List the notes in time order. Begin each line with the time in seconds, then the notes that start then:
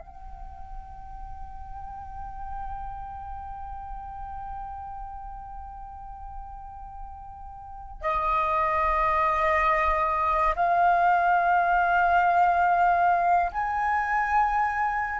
0.00 G5
8.01 D#5
10.56 F5
13.52 G#5